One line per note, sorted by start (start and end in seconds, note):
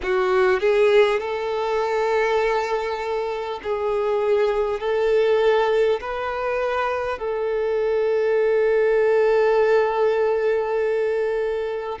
0.02 0.59 F#4
0.59 1.19 G#4
1.20 3.60 A4
3.63 4.79 G#4
4.79 5.99 A4
6.00 7.18 B4
7.18 11.98 A4